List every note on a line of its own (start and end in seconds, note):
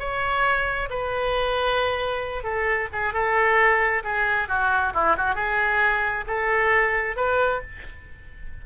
0.00 0.90 C#5
0.90 2.44 B4
2.44 2.89 A4
2.93 3.14 G#4
3.14 4.03 A4
4.04 4.49 G#4
4.49 4.93 F#4
4.94 5.17 E4
5.17 5.35 F#4
5.35 6.25 G#4
6.27 7.17 A4
7.17 7.61 B4